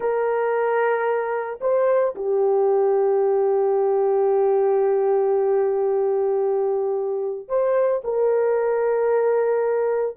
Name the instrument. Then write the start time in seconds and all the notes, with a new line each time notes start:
horn
0.00 A#4
1.60 C5
2.15 G4
7.48 C5
8.04 A#4